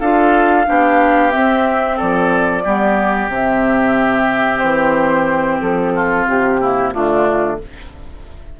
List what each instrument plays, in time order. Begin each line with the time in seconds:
0.00 bassoon D4, clarinet F4, oboe A4, flute F5
0.65 bassoon B3, clarinet D4, oboe G4
1.31 clarinet C4, bassoon C4, flute E5
1.97 bassoon F3, oboe A4, flute D5
2.64 bassoon G3, clarinet B3, oboe G4
3.28 bassoon C3, clarinet C4, flute E5
4.59 bassoon E3, flute C5
5.61 bassoon F3, flute A4
5.95 oboe F4
6.27 bassoon C3, flute G4
6.60 clarinet A#3, oboe E4
6.92 bassoon D3, clarinet A3, oboe D4, flute F4